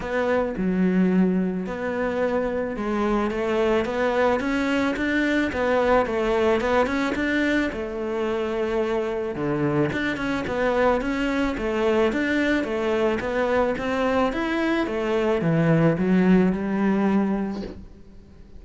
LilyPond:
\new Staff \with { instrumentName = "cello" } { \time 4/4 \tempo 4 = 109 b4 fis2 b4~ | b4 gis4 a4 b4 | cis'4 d'4 b4 a4 | b8 cis'8 d'4 a2~ |
a4 d4 d'8 cis'8 b4 | cis'4 a4 d'4 a4 | b4 c'4 e'4 a4 | e4 fis4 g2 | }